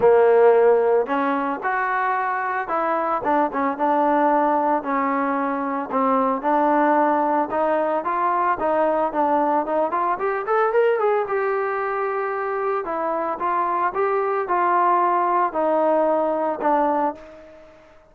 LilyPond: \new Staff \with { instrumentName = "trombone" } { \time 4/4 \tempo 4 = 112 ais2 cis'4 fis'4~ | fis'4 e'4 d'8 cis'8 d'4~ | d'4 cis'2 c'4 | d'2 dis'4 f'4 |
dis'4 d'4 dis'8 f'8 g'8 a'8 | ais'8 gis'8 g'2. | e'4 f'4 g'4 f'4~ | f'4 dis'2 d'4 | }